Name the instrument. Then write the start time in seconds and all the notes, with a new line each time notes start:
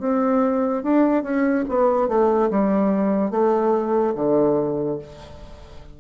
bassoon
0.00 C4
0.83 D4
1.23 C#4
1.69 B3
2.08 A3
2.50 G3
3.31 A3
4.16 D3